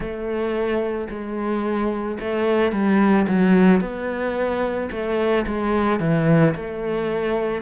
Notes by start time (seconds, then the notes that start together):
0.00 A3
1.09 G#3
2.20 A3
2.72 G3
3.27 F#3
3.80 B3
4.91 A3
5.46 G#3
6.00 E3
6.55 A3